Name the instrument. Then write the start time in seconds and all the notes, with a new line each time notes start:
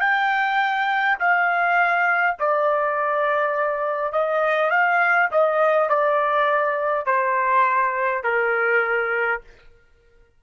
trumpet
0.00 G5
1.19 F5
2.39 D5
4.12 D#5
4.70 F5
5.31 D#5
5.89 D5
7.06 C5
8.23 A#4